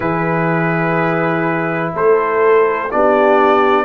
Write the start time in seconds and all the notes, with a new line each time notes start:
0.00 E3 E4 G#4 B4
1.94 A3 A4 C5
2.91 B3 D4 G4 D5